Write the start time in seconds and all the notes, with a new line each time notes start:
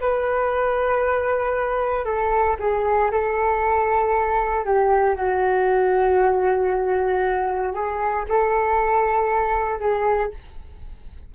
0.00 B4
2.05 A4
2.59 G#4
3.11 A4
4.65 G4
5.15 F#4
7.74 G#4
8.29 A4
9.79 G#4